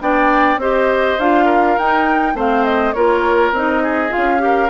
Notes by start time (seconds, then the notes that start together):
0.00 B3 D4 D5 G5
0.57 C4 G4 C5 D#5
1.19 D4 F4 F5
1.45 A#4
1.78 D#4 G5
2.34 A3 C4 C5 F5
2.64 D#5
2.93 A#3 F4 A#4 C#5
3.52 C4 D#4 D#5
3.83 G#4
4.09 F4 F5
4.17 C#4
4.38 G4 A#4